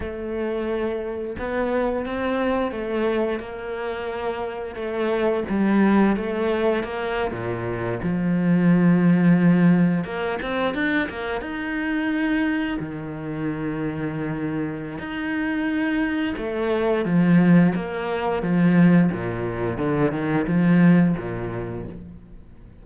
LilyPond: \new Staff \with { instrumentName = "cello" } { \time 4/4 \tempo 4 = 88 a2 b4 c'4 | a4 ais2 a4 | g4 a4 ais8. ais,4 f16~ | f2~ f8. ais8 c'8 d'16~ |
d'16 ais8 dis'2 dis4~ dis16~ | dis2 dis'2 | a4 f4 ais4 f4 | ais,4 d8 dis8 f4 ais,4 | }